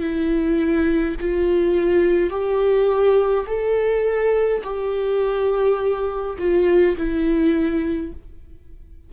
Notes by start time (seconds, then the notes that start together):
0.00 E4
1.20 F4
2.30 G4
3.47 A4
4.64 G4
6.39 F4
6.98 E4